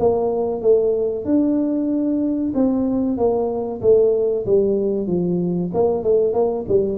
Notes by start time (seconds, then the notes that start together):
0.00 A#3
0.62 A3
1.26 D4
2.55 C4
3.18 A#3
3.82 A3
4.46 G3
5.07 F3
5.74 A#3
6.04 A3
6.34 A#3
6.68 G3